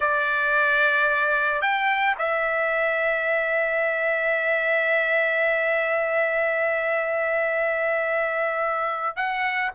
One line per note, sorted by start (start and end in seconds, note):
0.00 1.61 D5
1.61 2.15 G5
2.18 9.16 E5
9.16 9.70 F#5